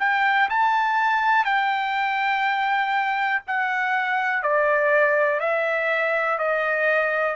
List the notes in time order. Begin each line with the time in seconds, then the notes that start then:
0.00 G5
0.50 A5
1.45 G5
3.47 F#5
4.43 D5
5.41 E5
6.39 D#5